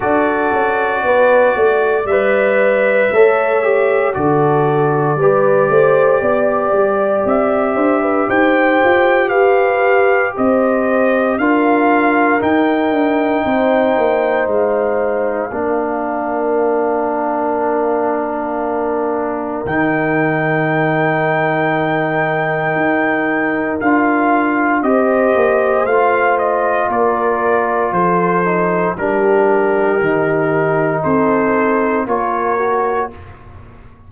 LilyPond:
<<
  \new Staff \with { instrumentName = "trumpet" } { \time 4/4 \tempo 4 = 58 d''2 e''2 | d''2. e''4 | g''4 f''4 dis''4 f''4 | g''2 f''2~ |
f''2. g''4~ | g''2. f''4 | dis''4 f''8 dis''8 d''4 c''4 | ais'2 c''4 cis''4 | }
  \new Staff \with { instrumentName = "horn" } { \time 4/4 a'4 b'8 d''4. cis''4 | a'4 b'8 c''8 d''4. c''16 b'16 | c''4 b'4 c''4 ais'4~ | ais'4 c''2 ais'4~ |
ais'1~ | ais'1 | c''2 ais'4 a'4 | g'2 a'4 ais'4 | }
  \new Staff \with { instrumentName = "trombone" } { \time 4/4 fis'2 b'4 a'8 g'8 | fis'4 g'2.~ | g'2. f'4 | dis'2. d'4~ |
d'2. dis'4~ | dis'2. f'4 | g'4 f'2~ f'8 dis'8 | d'4 dis'2 f'8 fis'8 | }
  \new Staff \with { instrumentName = "tuba" } { \time 4/4 d'8 cis'8 b8 a8 g4 a4 | d4 g8 a8 b8 g8 c'8 d'8 | dis'8 f'8 g'4 c'4 d'4 | dis'8 d'8 c'8 ais8 gis4 ais4~ |
ais2. dis4~ | dis2 dis'4 d'4 | c'8 ais8 a4 ais4 f4 | g4 dis4 c'4 ais4 | }
>>